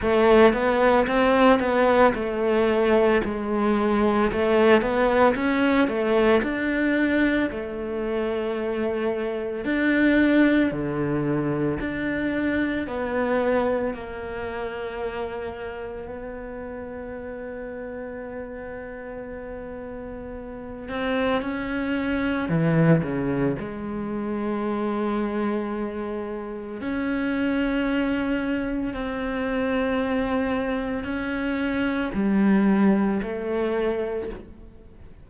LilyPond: \new Staff \with { instrumentName = "cello" } { \time 4/4 \tempo 4 = 56 a8 b8 c'8 b8 a4 gis4 | a8 b8 cis'8 a8 d'4 a4~ | a4 d'4 d4 d'4 | b4 ais2 b4~ |
b2.~ b8 c'8 | cis'4 e8 cis8 gis2~ | gis4 cis'2 c'4~ | c'4 cis'4 g4 a4 | }